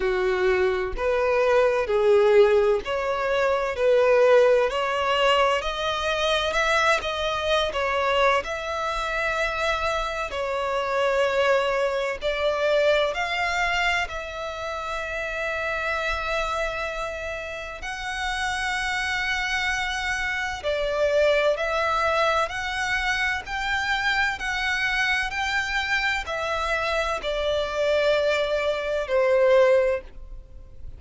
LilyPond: \new Staff \with { instrumentName = "violin" } { \time 4/4 \tempo 4 = 64 fis'4 b'4 gis'4 cis''4 | b'4 cis''4 dis''4 e''8 dis''8~ | dis''16 cis''8. e''2 cis''4~ | cis''4 d''4 f''4 e''4~ |
e''2. fis''4~ | fis''2 d''4 e''4 | fis''4 g''4 fis''4 g''4 | e''4 d''2 c''4 | }